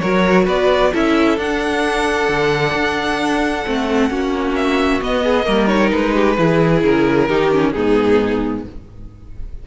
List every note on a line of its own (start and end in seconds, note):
0.00 0.47 F#3
0.00 0.93 F#4
0.00 0.45 A#4
0.00 0.45 C#5
0.45 0.93 B3
0.45 0.90 B4
0.45 0.94 D5
0.93 1.37 C#4
0.93 1.37 E4
0.93 4.10 A4
0.93 1.39 E5
1.37 2.28 D4
1.37 3.65 D4
1.37 4.55 F#5
2.29 2.74 D3
2.74 3.65 D4
3.66 4.10 A3
3.66 4.10 C4
4.10 5.01 A#3
4.10 5.01 C#4
4.10 5.24 F#4
4.55 5.01 E5
5.01 5.45 B3
5.01 5.47 B3
5.01 5.68 D#5
5.24 5.46 G#4
5.45 5.92 G3
5.45 5.68 A#3
5.45 6.14 A#4
5.68 6.36 D#4
5.68 5.90 C#5
5.91 6.38 G#3
5.91 6.82 B4
6.14 6.37 G4
6.38 6.83 E3
6.38 7.29 E4
6.38 7.28 G#4
6.83 7.29 C#3
6.83 7.72 A#4
7.28 7.75 D#3
7.28 7.52 D#4
7.28 7.74 G4
7.52 7.75 C#4
7.72 8.67 G#2
7.72 8.66 B3
7.72 8.65 D#4
7.72 8.62 G#4